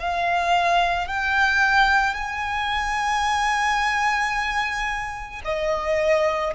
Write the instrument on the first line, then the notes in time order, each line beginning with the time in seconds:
violin
0.00 F5
1.08 G5
2.14 G#5
5.44 D#5